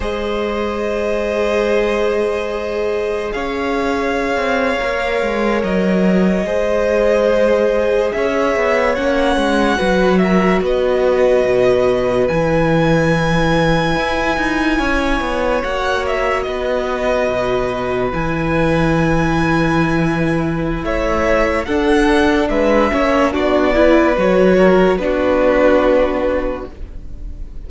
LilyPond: <<
  \new Staff \with { instrumentName = "violin" } { \time 4/4 \tempo 4 = 72 dis''1 | f''2~ f''8. dis''4~ dis''16~ | dis''4.~ dis''16 e''4 fis''4~ fis''16~ | fis''16 e''8 dis''2 gis''4~ gis''16~ |
gis''2~ gis''8. fis''8 e''8 dis''16~ | dis''4.~ dis''16 gis''2~ gis''16~ | gis''4 e''4 fis''4 e''4 | d''4 cis''4 b'2 | }
  \new Staff \with { instrumentName = "violin" } { \time 4/4 c''1 | cis''2.~ cis''8. c''16~ | c''4.~ c''16 cis''2 b'16~ | b'16 ais'8 b'2.~ b'16~ |
b'4.~ b'16 cis''2 b'16~ | b'1~ | b'4 cis''4 a'4 b'8 cis''8 | fis'8 b'4 ais'8 fis'2 | }
  \new Staff \with { instrumentName = "viola" } { \time 4/4 gis'1~ | gis'4.~ gis'16 ais'2 gis'16~ | gis'2~ gis'8. cis'4 fis'16~ | fis'2~ fis'8. e'4~ e'16~ |
e'2~ e'8. fis'4~ fis'16~ | fis'4.~ fis'16 e'2~ e'16~ | e'2 d'4. cis'8 | d'8 e'8 fis'4 d'2 | }
  \new Staff \with { instrumentName = "cello" } { \time 4/4 gis1 | cis'4~ cis'16 c'8 ais8 gis8 fis4 gis16~ | gis4.~ gis16 cis'8 b8 ais8 gis8 fis16~ | fis8. b4 b,4 e4~ e16~ |
e8. e'8 dis'8 cis'8 b8 ais4 b16~ | b8. b,4 e2~ e16~ | e4 a4 d'4 gis8 ais8 | b4 fis4 b2 | }
>>